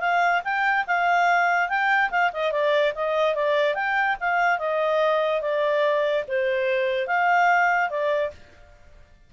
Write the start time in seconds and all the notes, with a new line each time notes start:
0.00 F5
0.44 G5
0.87 F5
1.69 G5
2.10 F5
2.33 D#5
2.51 D5
2.95 D#5
3.34 D5
3.74 G5
4.20 F5
4.58 D#5
5.41 D5
6.27 C5
7.07 F5
7.89 D5